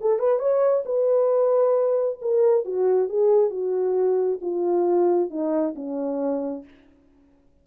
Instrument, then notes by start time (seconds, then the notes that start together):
horn
0.00 A4
0.19 B4
0.38 C#5
0.85 B4
2.21 A#4
2.65 F#4
3.08 G#4
3.50 F#4
4.41 F4
5.30 D#4
5.75 C#4